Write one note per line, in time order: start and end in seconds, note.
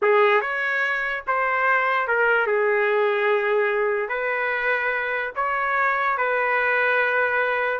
0.01 0.41 G#4
0.41 1.23 C#5
1.27 2.07 C5
2.07 2.46 A#4
2.46 4.08 G#4
4.08 5.31 B4
5.35 6.17 C#5
6.17 7.79 B4